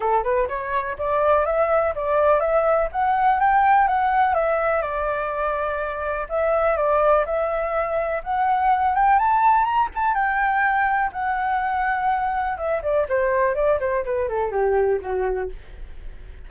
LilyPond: \new Staff \with { instrumentName = "flute" } { \time 4/4 \tempo 4 = 124 a'8 b'8 cis''4 d''4 e''4 | d''4 e''4 fis''4 g''4 | fis''4 e''4 d''2~ | d''4 e''4 d''4 e''4~ |
e''4 fis''4. g''8 a''4 | ais''8 a''8 g''2 fis''4~ | fis''2 e''8 d''8 c''4 | d''8 c''8 b'8 a'8 g'4 fis'4 | }